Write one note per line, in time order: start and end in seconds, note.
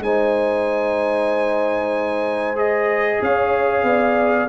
0.00 3.19 G#3
0.00 2.56 D#4
0.00 3.23 C5
0.00 2.58 G#5
2.56 4.48 G#4
2.56 3.22 D#5
3.22 3.83 C#4
3.22 3.86 C#5
3.22 4.49 F5
3.83 4.47 B3
3.83 4.49 D5